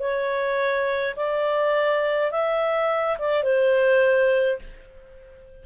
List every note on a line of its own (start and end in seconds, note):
0.00 1.15 C#5
1.16 2.32 D5
2.32 3.18 E5
3.19 3.44 D5
3.44 4.59 C5